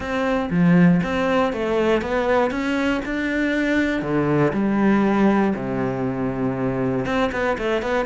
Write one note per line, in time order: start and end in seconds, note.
0.00 0.49 C4
0.50 1.00 F3
1.03 1.52 C4
1.52 2.01 A3
2.01 2.50 B3
2.50 3.01 C#4
3.05 4.02 D4
4.02 4.52 D3
4.53 5.53 G3
5.55 7.05 C3
7.05 7.30 C4
7.32 7.57 B3
7.58 7.82 A3
7.82 8.05 B3